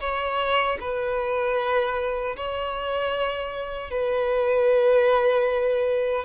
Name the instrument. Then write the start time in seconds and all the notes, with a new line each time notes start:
violin
0.00 C#5
0.80 B4
2.36 C#5
3.90 B4